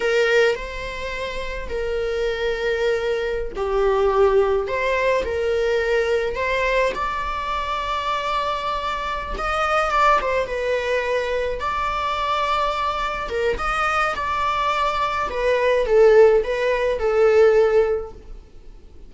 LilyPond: \new Staff \with { instrumentName = "viola" } { \time 4/4 \tempo 4 = 106 ais'4 c''2 ais'4~ | ais'2~ ais'16 g'4.~ g'16~ | g'16 c''4 ais'2 c''8.~ | c''16 d''2.~ d''8.~ |
d''8 dis''4 d''8 c''8 b'4.~ | b'8 d''2. ais'8 | dis''4 d''2 b'4 | a'4 b'4 a'2 | }